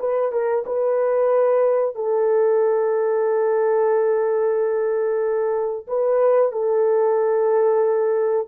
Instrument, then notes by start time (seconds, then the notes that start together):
horn
0.00 B4
0.32 A#4
0.66 B4
1.96 A4
5.88 B4
6.52 A4